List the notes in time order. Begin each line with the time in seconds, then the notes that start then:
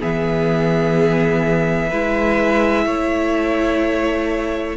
0.00 E3 B3 G#4 E5
1.89 G#3 E4 B4
2.86 A3 C#5